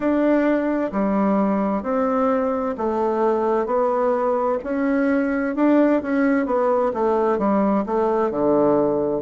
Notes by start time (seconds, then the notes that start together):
0.00 D4
0.92 G3
1.83 C4
2.77 A3
3.66 B3
4.63 C#4
5.56 D4
6.02 C#4
6.46 B3
6.93 A3
7.38 G3
7.85 A3
8.30 D3